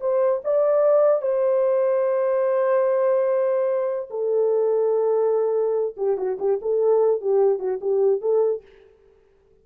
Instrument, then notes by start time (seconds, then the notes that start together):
horn
0.00 C5
0.44 D5
1.21 C5
4.10 A4
5.97 G4
6.17 F#4
6.39 G4
6.62 A4
7.21 G4
7.59 F#4
7.81 G4
8.21 A4